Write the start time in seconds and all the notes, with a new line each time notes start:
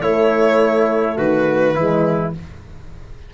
0.00 A3 E4 C#5
1.16 D#3 F#4 B4
1.75 E3 G#3 E4